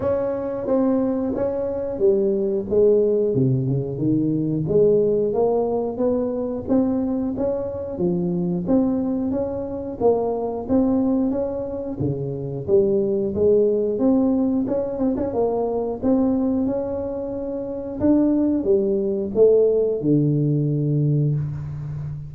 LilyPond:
\new Staff \with { instrumentName = "tuba" } { \time 4/4 \tempo 4 = 90 cis'4 c'4 cis'4 g4 | gis4 c8 cis8 dis4 gis4 | ais4 b4 c'4 cis'4 | f4 c'4 cis'4 ais4 |
c'4 cis'4 cis4 g4 | gis4 c'4 cis'8 c'16 cis'16 ais4 | c'4 cis'2 d'4 | g4 a4 d2 | }